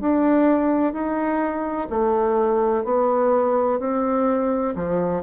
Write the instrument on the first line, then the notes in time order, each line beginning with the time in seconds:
bassoon
0.00 D4
0.93 D#4
1.90 A3
2.84 B3
3.79 C4
4.75 F3